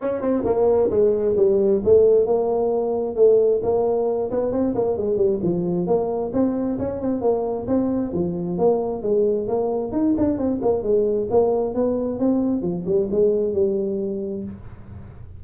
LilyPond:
\new Staff \with { instrumentName = "tuba" } { \time 4/4 \tempo 4 = 133 cis'8 c'8 ais4 gis4 g4 | a4 ais2 a4 | ais4. b8 c'8 ais8 gis8 g8 | f4 ais4 c'4 cis'8 c'8 |
ais4 c'4 f4 ais4 | gis4 ais4 dis'8 d'8 c'8 ais8 | gis4 ais4 b4 c'4 | f8 g8 gis4 g2 | }